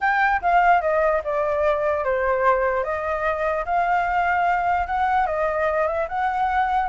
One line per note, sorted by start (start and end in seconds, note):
0.00 0.41 G5
0.41 0.81 F5
0.81 1.22 D#5
1.24 2.04 D5
2.04 2.83 C5
2.83 3.64 D#5
3.65 4.86 F5
4.86 5.26 F#5
5.26 5.87 D#5
5.87 6.07 E5
6.08 6.89 F#5